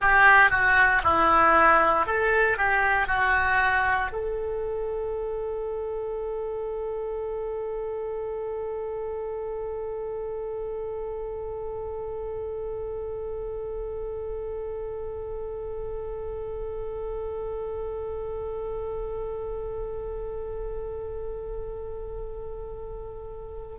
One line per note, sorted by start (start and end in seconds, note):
0.00 0.50 G4
0.50 1.02 F#4
1.03 2.06 E4
2.06 2.57 A4
2.57 3.07 G4
3.07 4.11 F#4
4.12 23.77 A4